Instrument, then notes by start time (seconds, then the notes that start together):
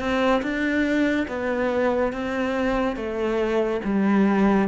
cello
0.00 C4
0.42 D4
1.28 B3
2.13 C4
2.97 A3
3.85 G3